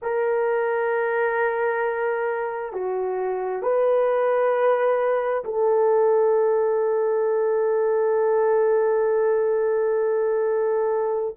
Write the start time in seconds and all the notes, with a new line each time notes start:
0.02 A#4
2.72 F#4
3.62 B4
5.44 A4